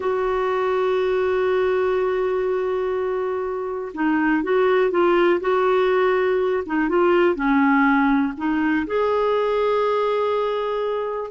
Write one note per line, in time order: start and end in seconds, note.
0.00 3.92 F#4
3.94 4.43 D#4
4.43 4.90 F#4
4.90 5.40 F4
5.40 6.63 F#4
6.66 6.89 D#4
6.89 7.35 F4
7.35 8.33 C#4
8.37 8.86 D#4
8.86 11.30 G#4